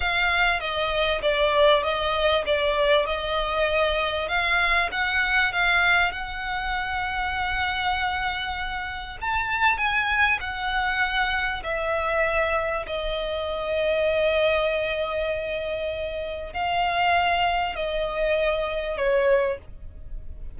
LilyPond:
\new Staff \with { instrumentName = "violin" } { \time 4/4 \tempo 4 = 98 f''4 dis''4 d''4 dis''4 | d''4 dis''2 f''4 | fis''4 f''4 fis''2~ | fis''2. a''4 |
gis''4 fis''2 e''4~ | e''4 dis''2.~ | dis''2. f''4~ | f''4 dis''2 cis''4 | }